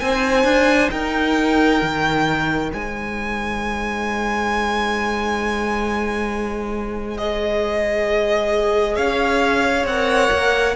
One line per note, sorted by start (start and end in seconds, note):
0.00 0.44 C4
0.00 7.17 D#4
0.00 0.93 C5
0.00 0.90 G#5
0.44 0.89 D4
0.91 1.81 D#4
0.91 2.72 A#4
0.91 2.70 G5
1.82 2.72 D#3
2.72 8.98 G#3
2.72 8.97 C5
2.72 7.18 G#5
7.18 9.88 G#4
7.18 8.96 D#5
8.96 9.85 C#4
8.96 10.76 C#5
8.96 9.86 F5
9.85 10.30 C4
9.85 10.76 A#4
9.85 10.76 F#5
10.32 10.76 A#3